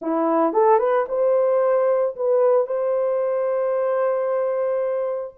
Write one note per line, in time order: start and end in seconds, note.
0.01 0.53 E4
0.53 0.78 A4
0.78 1.05 B4
1.08 2.15 C5
2.16 2.66 B4
2.66 5.34 C5